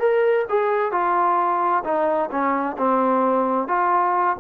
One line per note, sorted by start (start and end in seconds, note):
0.00 0.46 A#4
0.50 0.92 G#4
0.92 1.84 F4
1.84 2.30 D#4
2.31 2.77 C#4
2.78 3.68 C4
3.68 4.37 F4